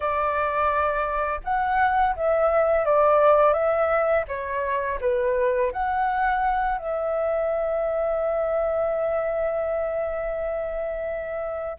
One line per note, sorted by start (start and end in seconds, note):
0.00 1.40 D5
1.44 2.15 F#5
2.16 2.85 E5
2.85 3.53 D5
3.53 4.24 E5
4.28 4.99 C#5
5.00 5.72 B4
5.72 6.78 F#5
6.78 11.78 E5